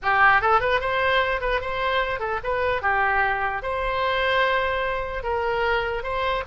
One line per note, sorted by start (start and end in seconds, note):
0.02 0.41 G4
0.41 0.60 A4
0.60 0.80 B4
0.80 1.40 C5
1.40 1.60 B4
1.60 2.19 C5
2.19 2.39 A4
2.43 2.82 B4
2.82 3.62 G4
3.62 5.23 C5
5.23 6.03 A#4
6.03 6.43 C5